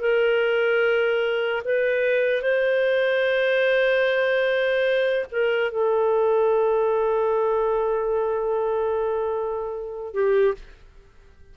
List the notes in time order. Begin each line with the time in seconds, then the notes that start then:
0.00 A#4
1.64 B4
2.42 C5
5.31 A#4
5.71 A4
10.14 G4